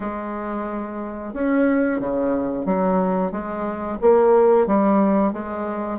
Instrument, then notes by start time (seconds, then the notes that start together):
bassoon
0.00 G#3
1.33 C#4
1.99 C#3
2.65 F#3
3.31 G#3
4.01 A#3
4.67 G3
5.32 G#3